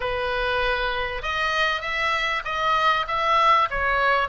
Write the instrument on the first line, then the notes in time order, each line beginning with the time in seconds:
oboe
0.00 B4
1.22 D#5
1.81 E5
2.44 D#5
3.07 E5
3.70 C#5